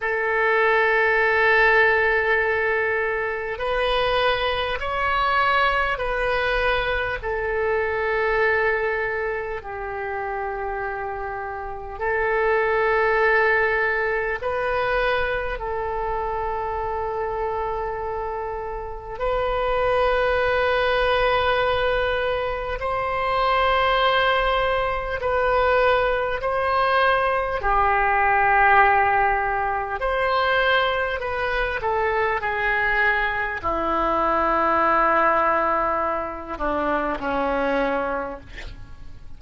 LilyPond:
\new Staff \with { instrumentName = "oboe" } { \time 4/4 \tempo 4 = 50 a'2. b'4 | cis''4 b'4 a'2 | g'2 a'2 | b'4 a'2. |
b'2. c''4~ | c''4 b'4 c''4 g'4~ | g'4 c''4 b'8 a'8 gis'4 | e'2~ e'8 d'8 cis'4 | }